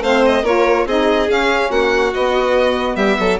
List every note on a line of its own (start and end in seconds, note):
0.00 0.42 A3
0.00 0.45 C4
0.00 0.42 C5
0.00 0.24 F5
0.25 0.45 D#5
0.42 0.85 A#3
0.42 0.87 F4
0.42 0.85 A#4
0.42 0.87 C#5
0.86 1.28 C4
0.86 1.27 D#4
0.86 1.69 G#4
0.86 1.30 D#5
1.27 2.12 C#4
1.27 1.70 C#4
1.27 1.71 F5
1.69 2.12 A#3
1.69 2.96 F#4
1.69 2.13 F#5
2.14 3.39 B3
2.14 2.96 B3
2.14 2.96 D#5
2.96 3.17 G3
2.96 3.17 G4
2.96 3.38 E5
3.19 3.39 F#3
3.19 3.39 A4